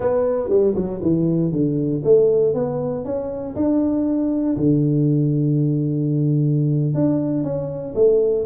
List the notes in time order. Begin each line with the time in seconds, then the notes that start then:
0.00 B3
0.49 G3
0.75 F#3
1.02 E3
1.52 D3
2.04 A3
2.54 B3
3.05 C#4
3.55 D4
4.56 D3
6.94 D4
7.43 C#4
7.94 A3